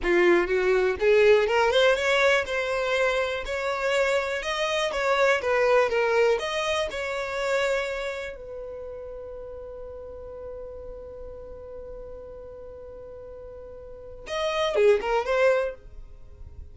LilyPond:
\new Staff \with { instrumentName = "violin" } { \time 4/4 \tempo 4 = 122 f'4 fis'4 gis'4 ais'8 c''8 | cis''4 c''2 cis''4~ | cis''4 dis''4 cis''4 b'4 | ais'4 dis''4 cis''2~ |
cis''4 b'2.~ | b'1~ | b'1~ | b'4 dis''4 gis'8 ais'8 c''4 | }